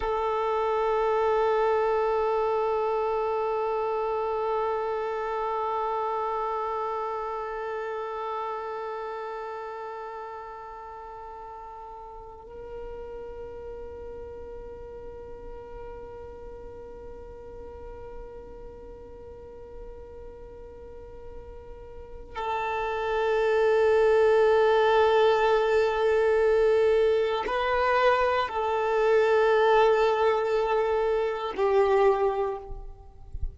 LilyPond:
\new Staff \with { instrumentName = "violin" } { \time 4/4 \tempo 4 = 59 a'1~ | a'1~ | a'1~ | a'16 ais'2.~ ais'8.~ |
ais'1~ | ais'2 a'2~ | a'2. b'4 | a'2. g'4 | }